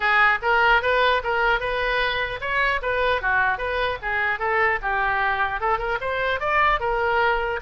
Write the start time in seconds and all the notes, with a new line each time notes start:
0.00 G#4
0.41 A#4
0.82 B4
1.23 A#4
1.60 B4
2.40 C#5
2.82 B4
3.21 F#4
3.58 B4
4.01 G#4
4.39 A4
4.82 G4
5.60 A4
5.78 A#4
6.00 C5
6.40 D5
6.79 A#4